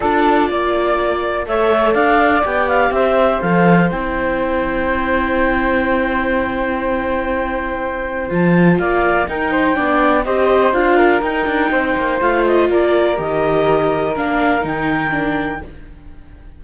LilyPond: <<
  \new Staff \with { instrumentName = "clarinet" } { \time 4/4 \tempo 4 = 123 d''2. e''4 | f''4 g''8 f''8 e''4 f''4 | g''1~ | g''1~ |
g''4 a''4 f''4 g''4~ | g''4 dis''4 f''4 g''4~ | g''4 f''8 dis''8 d''4 dis''4~ | dis''4 f''4 g''2 | }
  \new Staff \with { instrumentName = "flute" } { \time 4/4 a'4 d''2 cis''4 | d''2 c''2~ | c''1~ | c''1~ |
c''2 d''4 ais'8 c''8 | d''4 c''4. ais'4. | c''2 ais'2~ | ais'1 | }
  \new Staff \with { instrumentName = "viola" } { \time 4/4 f'2. a'4~ | a'4 g'2 a'4 | e'1~ | e'1~ |
e'4 f'2 dis'4 | d'4 g'4 f'4 dis'4~ | dis'4 f'2 g'4~ | g'4 d'4 dis'4 d'4 | }
  \new Staff \with { instrumentName = "cello" } { \time 4/4 d'4 ais2 a4 | d'4 b4 c'4 f4 | c'1~ | c'1~ |
c'4 f4 ais4 dis'4 | b4 c'4 d'4 dis'8 d'8 | c'8 ais8 a4 ais4 dis4~ | dis4 ais4 dis2 | }
>>